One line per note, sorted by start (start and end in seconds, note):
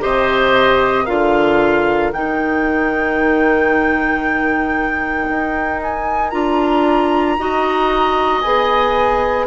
0.00 1.08 C3
0.00 1.05 G4
0.00 1.04 C5
0.00 1.06 D#5
1.04 2.12 D3
1.04 2.13 F4
1.04 7.36 A#4
1.04 2.11 F5
2.12 5.28 D#3
2.12 6.32 D#4
2.12 5.81 G5
5.29 6.33 D#4
5.83 6.30 G#5
6.30 7.38 D4
6.30 7.37 F4
6.30 8.41 A#5
7.38 8.43 D#4
7.38 8.44 F#4
7.38 9.47 D#5
8.41 9.47 B3
8.41 9.47 G#4
8.41 9.47 G#5